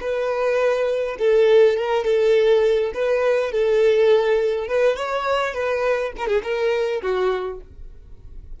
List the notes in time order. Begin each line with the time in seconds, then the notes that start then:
0.00 B4
1.18 A4
1.76 A#4
2.05 A4
2.94 B4
3.51 A4
4.67 B4
4.96 C#5
5.53 B4
6.16 A#4
6.27 G#4
6.43 A#4
7.01 F#4